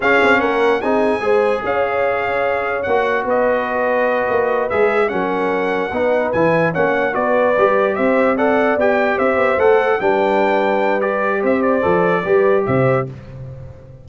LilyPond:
<<
  \new Staff \with { instrumentName = "trumpet" } { \time 4/4 \tempo 4 = 147 f''4 fis''4 gis''2 | f''2. fis''4 | dis''2.~ dis''8 e''8~ | e''8 fis''2. gis''8~ |
gis''8 fis''4 d''2 e''8~ | e''8 fis''4 g''4 e''4 fis''8~ | fis''8 g''2~ g''8 d''4 | e''8 d''2~ d''8 e''4 | }
  \new Staff \with { instrumentName = "horn" } { \time 4/4 gis'4 ais'4 gis'4 c''4 | cis''1 | b'1~ | b'8 ais'2 b'4.~ |
b'8 cis''4 b'2 c''8~ | c''8 d''2 c''4.~ | c''8 b'2.~ b'8 | c''2 b'4 c''4 | }
  \new Staff \with { instrumentName = "trombone" } { \time 4/4 cis'2 dis'4 gis'4~ | gis'2. fis'4~ | fis'2.~ fis'8 gis'8~ | gis'8 cis'2 dis'4 e'8~ |
e'8 cis'4 fis'4 g'4.~ | g'8 a'4 g'2 a'8~ | a'8 d'2~ d'8 g'4~ | g'4 a'4 g'2 | }
  \new Staff \with { instrumentName = "tuba" } { \time 4/4 cis'8 c'8 ais4 c'4 gis4 | cis'2. ais4 | b2~ b8 ais4 gis8~ | gis8 fis2 b4 e8~ |
e8 ais4 b4 g4 c'8~ | c'4. b4 c'8 b8 a8~ | a8 g2.~ g8 | c'4 f4 g4 c4 | }
>>